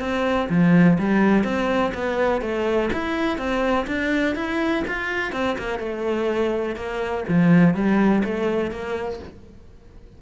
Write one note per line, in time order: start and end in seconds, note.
0.00 0.48 C4
0.50 0.98 F3
0.99 1.44 G3
1.44 1.92 C4
1.94 2.41 B3
2.41 2.90 A3
2.93 3.38 E4
3.38 3.86 C4
3.87 4.36 D4
4.36 4.84 E4
4.88 5.33 F4
5.33 5.57 C4
5.58 5.79 A#3
5.79 6.76 A3
6.76 7.24 A#3
7.28 7.75 F3
7.75 8.23 G3
8.25 8.71 A3
8.71 9.20 A#3